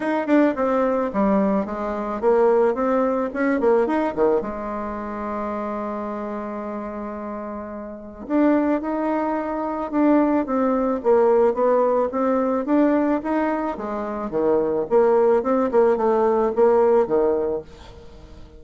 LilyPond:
\new Staff \with { instrumentName = "bassoon" } { \time 4/4 \tempo 4 = 109 dis'8 d'8 c'4 g4 gis4 | ais4 c'4 cis'8 ais8 dis'8 dis8 | gis1~ | gis2. d'4 |
dis'2 d'4 c'4 | ais4 b4 c'4 d'4 | dis'4 gis4 dis4 ais4 | c'8 ais8 a4 ais4 dis4 | }